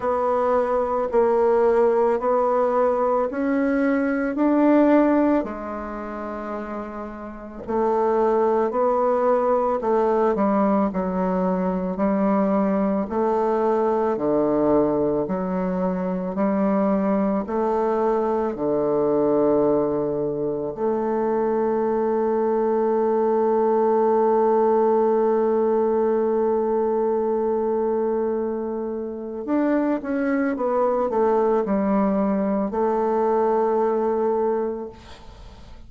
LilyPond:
\new Staff \with { instrumentName = "bassoon" } { \time 4/4 \tempo 4 = 55 b4 ais4 b4 cis'4 | d'4 gis2 a4 | b4 a8 g8 fis4 g4 | a4 d4 fis4 g4 |
a4 d2 a4~ | a1~ | a2. d'8 cis'8 | b8 a8 g4 a2 | }